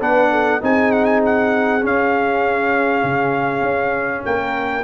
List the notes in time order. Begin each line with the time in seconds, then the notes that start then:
0.00 B3 D4 B4 F#5
0.31 A4
0.61 C4 D#4 G#4 G#5
0.92 F#5
1.06 G#5
1.25 F#5
1.82 C#4 F5
3.04 C#3
3.62 C#4
4.25 A#3 A#4 G5